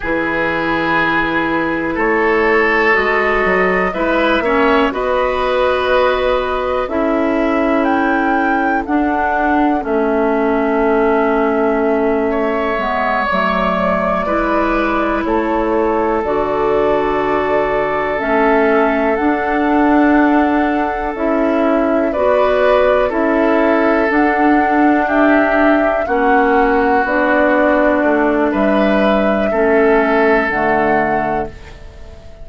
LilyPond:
<<
  \new Staff \with { instrumentName = "flute" } { \time 4/4 \tempo 4 = 61 b'2 cis''4 dis''4 | e''4 dis''2 e''4 | g''4 fis''4 e''2~ | e''4. d''2 cis''8~ |
cis''8 d''2 e''4 fis''8~ | fis''4. e''4 d''4 e''8~ | e''8 fis''4 e''4 fis''4 d''8~ | d''4 e''2 fis''4 | }
  \new Staff \with { instrumentName = "oboe" } { \time 4/4 gis'2 a'2 | b'8 cis''8 b'2 a'4~ | a'1~ | a'8 cis''2 b'4 a'8~ |
a'1~ | a'2~ a'8 b'4 a'8~ | a'4. g'4 fis'4.~ | fis'4 b'4 a'2 | }
  \new Staff \with { instrumentName = "clarinet" } { \time 4/4 e'2. fis'4 | e'8 cis'8 fis'2 e'4~ | e'4 d'4 cis'2~ | cis'4 b8 a4 e'4.~ |
e'8 fis'2 cis'4 d'8~ | d'4. e'4 fis'4 e'8~ | e'8 d'2 cis'4 d'8~ | d'2 cis'4 a4 | }
  \new Staff \with { instrumentName = "bassoon" } { \time 4/4 e2 a4 gis8 fis8 | gis8 ais8 b2 cis'4~ | cis'4 d'4 a2~ | a4 gis8 fis4 gis4 a8~ |
a8 d2 a4 d'8~ | d'4. cis'4 b4 cis'8~ | cis'8 d'2 ais4 b8~ | b8 a8 g4 a4 d4 | }
>>